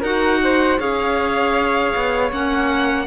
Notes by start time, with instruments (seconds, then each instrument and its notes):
0.00 cello D#4, clarinet F#4, flute A#4, violin F#5
0.43 flute C5
0.78 cello C#4, clarinet G#4, flute C#5, violin F5
1.95 cello B3
2.31 cello A#3, clarinet C#4, violin F#5